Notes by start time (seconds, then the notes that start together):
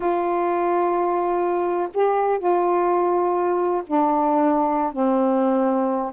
0.00 F4
1.94 G4
2.38 F4
3.86 D4
4.92 C4